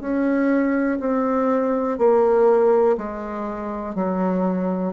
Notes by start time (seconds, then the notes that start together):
0.00 C#4
0.99 C4
1.98 A#3
2.97 G#3
3.95 F#3